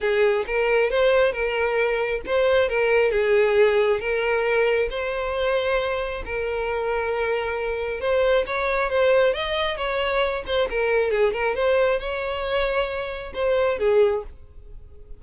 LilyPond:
\new Staff \with { instrumentName = "violin" } { \time 4/4 \tempo 4 = 135 gis'4 ais'4 c''4 ais'4~ | ais'4 c''4 ais'4 gis'4~ | gis'4 ais'2 c''4~ | c''2 ais'2~ |
ais'2 c''4 cis''4 | c''4 dis''4 cis''4. c''8 | ais'4 gis'8 ais'8 c''4 cis''4~ | cis''2 c''4 gis'4 | }